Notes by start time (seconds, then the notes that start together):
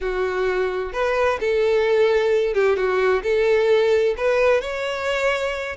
0.00 F#4
0.93 B4
1.40 A4
2.53 G4
2.76 F#4
3.22 A4
4.17 B4
4.61 C#5